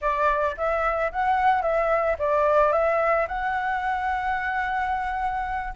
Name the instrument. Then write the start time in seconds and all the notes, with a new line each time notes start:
flute
0.01 D5
0.57 E5
1.12 F#5
1.62 E5
2.18 D5
2.72 E5
3.28 F#5